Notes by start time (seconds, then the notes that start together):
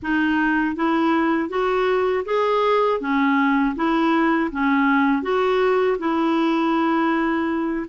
0.02 D#4
0.75 E4
1.49 F#4
2.25 G#4
3.00 C#4
3.75 E4
4.51 C#4
5.22 F#4
5.98 E4